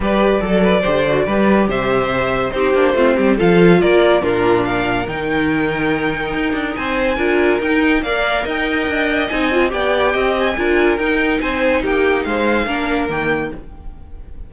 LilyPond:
<<
  \new Staff \with { instrumentName = "violin" } { \time 4/4 \tempo 4 = 142 d''1 | e''2 c''2 | f''4 d''4 ais'4 f''4 | g''1 |
gis''2 g''4 f''4 | g''2 gis''4 g''4~ | g''8 gis''4. g''4 gis''4 | g''4 f''2 g''4 | }
  \new Staff \with { instrumentName = "violin" } { \time 4/4 b'4 a'8 b'8 c''4 b'4 | c''2 g'4 f'8 g'8 | a'4 ais'4 f'4 ais'4~ | ais'1 |
c''4 ais'2 d''4 | dis''2. d''4 | dis''4 ais'2 c''4 | g'4 c''4 ais'2 | }
  \new Staff \with { instrumentName = "viola" } { \time 4/4 g'4 a'4 g'8 fis'8 g'4~ | g'2 dis'8 d'8 c'4 | f'2 d'2 | dis'1~ |
dis'4 f'4 dis'4 ais'4~ | ais'2 dis'8 f'8 g'4~ | g'4 f'4 dis'2~ | dis'2 d'4 ais4 | }
  \new Staff \with { instrumentName = "cello" } { \time 4/4 g4 fis4 d4 g4 | c2 c'8 ais8 a8 g8 | f4 ais4 ais,2 | dis2. dis'8 d'8 |
c'4 d'4 dis'4 ais4 | dis'4 d'4 c'4 b4 | c'4 d'4 dis'4 c'4 | ais4 gis4 ais4 dis4 | }
>>